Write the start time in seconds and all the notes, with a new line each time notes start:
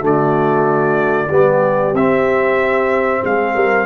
0.00 D3 A3 F#4 D5
1.30 G3 B3 G4
1.93 C4 E5
3.24 G#3 G#4 F5
3.55 G3 A#4